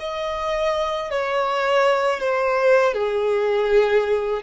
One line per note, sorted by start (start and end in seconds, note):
0.00 1.11 D#5
1.11 2.20 C#5
2.20 2.94 C5
2.94 4.42 G#4